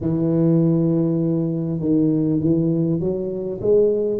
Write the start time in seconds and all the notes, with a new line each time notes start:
0.01 E3
1.79 D#3
2.40 E3
3.00 F#3
3.61 G#3